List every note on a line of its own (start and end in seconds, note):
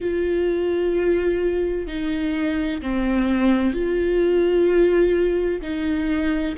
0.00 1.87 F4
1.87 2.81 D#4
2.81 3.73 C4
3.73 5.61 F4
5.61 6.55 D#4